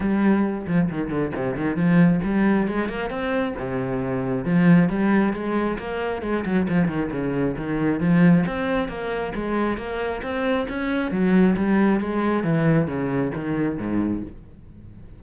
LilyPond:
\new Staff \with { instrumentName = "cello" } { \time 4/4 \tempo 4 = 135 g4. f8 dis8 d8 c8 dis8 | f4 g4 gis8 ais8 c'4 | c2 f4 g4 | gis4 ais4 gis8 fis8 f8 dis8 |
cis4 dis4 f4 c'4 | ais4 gis4 ais4 c'4 | cis'4 fis4 g4 gis4 | e4 cis4 dis4 gis,4 | }